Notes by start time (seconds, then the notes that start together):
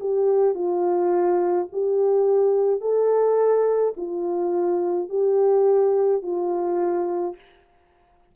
0.00 G4
0.54 F4
1.72 G4
2.80 A4
3.97 F4
5.09 G4
6.22 F4